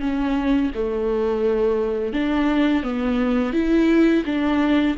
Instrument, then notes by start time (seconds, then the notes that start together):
viola
0.00 C#4
0.74 A3
2.12 D4
2.83 B3
3.53 E4
4.25 D4